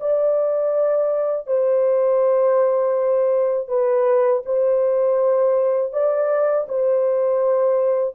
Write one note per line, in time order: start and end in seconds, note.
0.00 1.47 D5
1.47 3.68 C5
3.68 4.42 B4
4.46 5.93 C5
5.93 6.67 D5
6.68 8.15 C5